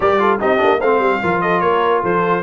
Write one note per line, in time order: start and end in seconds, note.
0.00 0.40 G3
0.00 0.18 G4
0.00 0.19 A#4
0.00 0.39 D5
0.18 0.39 F4
0.18 0.40 A4
0.40 0.61 C4
0.40 0.58 D#4
0.40 0.78 G4
0.40 0.80 D#5
0.58 0.81 A#3
0.58 0.78 D4
0.78 0.99 A3
0.78 1.22 C4
0.78 1.19 C5
0.78 1.41 F5
0.99 1.19 G3
1.22 1.62 F3
1.22 2.42 F4
1.22 1.41 A#4
1.41 1.61 A4
1.41 1.60 D#5
1.60 2.02 A#3
1.60 2.02 A#4
1.60 2.01 C#5
2.02 2.42 F3
2.02 2.42 A4
2.02 2.42 C5